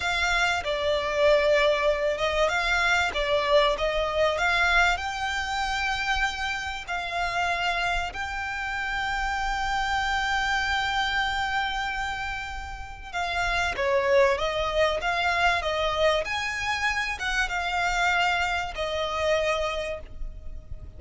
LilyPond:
\new Staff \with { instrumentName = "violin" } { \time 4/4 \tempo 4 = 96 f''4 d''2~ d''8 dis''8 | f''4 d''4 dis''4 f''4 | g''2. f''4~ | f''4 g''2.~ |
g''1~ | g''4 f''4 cis''4 dis''4 | f''4 dis''4 gis''4. fis''8 | f''2 dis''2 | }